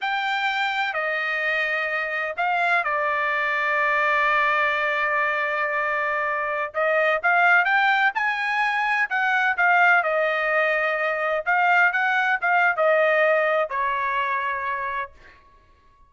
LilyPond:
\new Staff \with { instrumentName = "trumpet" } { \time 4/4 \tempo 4 = 127 g''2 dis''2~ | dis''4 f''4 d''2~ | d''1~ | d''2~ d''16 dis''4 f''8.~ |
f''16 g''4 gis''2 fis''8.~ | fis''16 f''4 dis''2~ dis''8.~ | dis''16 f''4 fis''4 f''8. dis''4~ | dis''4 cis''2. | }